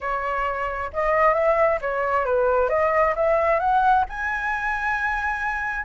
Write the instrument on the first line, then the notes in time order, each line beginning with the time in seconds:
flute
0.01 C#5
0.93 D#5
1.34 E5
1.81 C#5
2.25 B4
2.69 D#5
3.15 E5
3.59 F#5
4.09 G#5